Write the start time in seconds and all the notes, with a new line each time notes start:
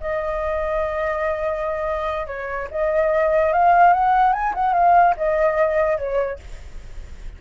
0.00 D#5
2.26 C#5
2.71 D#5
3.52 F5
3.93 F#5
4.33 G#5
4.54 F#5
4.73 F5
5.16 D#5
5.97 C#5